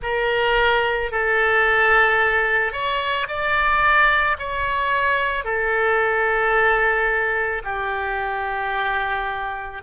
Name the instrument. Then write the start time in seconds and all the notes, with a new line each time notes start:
oboe
0.02 A#4
1.11 A4
2.72 C#5
3.27 D5
4.38 C#5
5.44 A4
7.64 G4